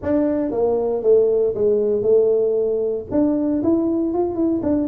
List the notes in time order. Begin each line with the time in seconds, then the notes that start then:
0.02 D4
0.51 A#3
1.03 A3
1.54 G#3
2.02 A3
3.11 D4
3.63 E4
4.13 F4
4.35 E4
4.62 D4